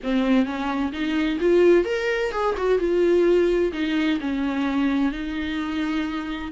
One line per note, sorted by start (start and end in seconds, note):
0.03 0.45 C4
0.45 0.92 C#4
0.92 1.38 D#4
1.40 1.85 F4
1.85 2.31 A#4
2.31 2.55 G#4
2.57 2.78 F#4
2.78 3.71 F4
3.72 4.19 D#4
4.20 5.12 C#4
5.12 6.51 D#4